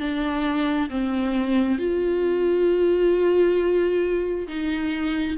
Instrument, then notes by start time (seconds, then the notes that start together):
viola
0.00 D4
0.90 C4
1.79 F4
4.48 D#4